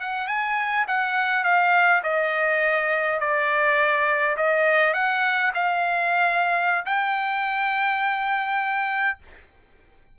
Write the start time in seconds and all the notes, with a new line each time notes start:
0.00 F#5
0.28 G#5
0.88 F#5
1.44 F5
2.04 D#5
3.20 D5
4.37 D#5
4.94 F#5
5.54 F5
6.86 G5